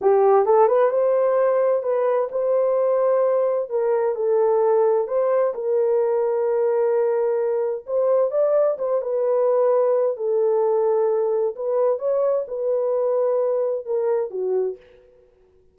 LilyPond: \new Staff \with { instrumentName = "horn" } { \time 4/4 \tempo 4 = 130 g'4 a'8 b'8 c''2 | b'4 c''2. | ais'4 a'2 c''4 | ais'1~ |
ais'4 c''4 d''4 c''8 b'8~ | b'2 a'2~ | a'4 b'4 cis''4 b'4~ | b'2 ais'4 fis'4 | }